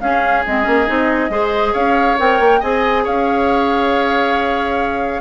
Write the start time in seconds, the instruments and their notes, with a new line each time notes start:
0.00 bassoon C#4, clarinet C#4, oboe G#4, flute F5
0.46 bassoon G#3, clarinet C4, flute D#5
0.62 bassoon A#3, clarinet C#4
0.87 bassoon C4, clarinet D#4
1.30 bassoon G#3, clarinet G#4, oboe C5
1.73 bassoon C#4, oboe C#5, flute F5
2.19 bassoon C4, clarinet A#4, flute G5
2.40 bassoon A#3
2.60 bassoon C4, clarinet G#4, oboe D#5, flute G#5
3.04 bassoon C#4, oboe C#5, flute F5